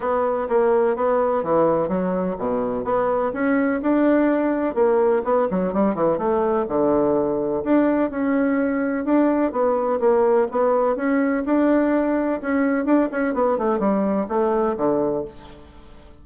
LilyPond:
\new Staff \with { instrumentName = "bassoon" } { \time 4/4 \tempo 4 = 126 b4 ais4 b4 e4 | fis4 b,4 b4 cis'4 | d'2 ais4 b8 fis8 | g8 e8 a4 d2 |
d'4 cis'2 d'4 | b4 ais4 b4 cis'4 | d'2 cis'4 d'8 cis'8 | b8 a8 g4 a4 d4 | }